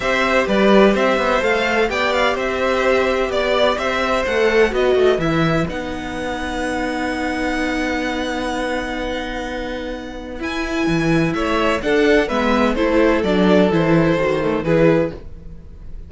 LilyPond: <<
  \new Staff \with { instrumentName = "violin" } { \time 4/4 \tempo 4 = 127 e''4 d''4 e''4 f''4 | g''8 f''8 e''2 d''4 | e''4 fis''4 dis''4 e''4 | fis''1~ |
fis''1~ | fis''2 gis''2 | e''4 fis''4 e''4 c''4 | d''4 c''2 b'4 | }
  \new Staff \with { instrumentName = "violin" } { \time 4/4 c''4 b'4 c''2 | d''4 c''2 d''4 | c''2 b'2~ | b'1~ |
b'1~ | b'1 | cis''4 a'4 b'4 a'4~ | a'2. gis'4 | }
  \new Staff \with { instrumentName = "viola" } { \time 4/4 g'2. a'4 | g'1~ | g'4 a'4 fis'4 e'4 | dis'1~ |
dis'1~ | dis'2 e'2~ | e'4 d'4 b4 e'4 | d'4 e'4 fis'8 a8 e'4 | }
  \new Staff \with { instrumentName = "cello" } { \time 4/4 c'4 g4 c'8 b8 a4 | b4 c'2 b4 | c'4 a4 b8 a8 e4 | b1~ |
b1~ | b2 e'4 e4 | a4 d'4 gis4 a4 | fis4 e4 dis4 e4 | }
>>